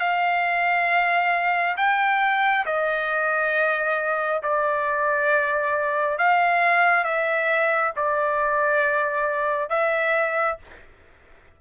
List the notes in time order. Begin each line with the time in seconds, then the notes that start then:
0.00 F5
1.77 G5
2.66 D#5
4.43 D5
6.18 F5
7.04 E5
7.97 D5
9.70 E5